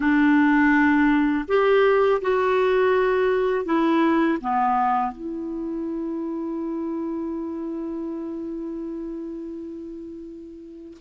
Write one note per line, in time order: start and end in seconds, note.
0.00 1.45 D4
1.48 2.21 G4
2.21 3.65 F#4
3.65 4.38 E4
4.40 5.12 B3
5.12 10.97 E4